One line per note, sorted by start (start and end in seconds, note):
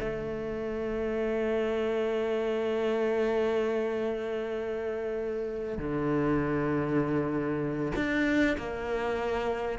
0.00 5.78 A3
5.78 7.92 D3
7.96 8.57 D4
8.58 9.79 A#3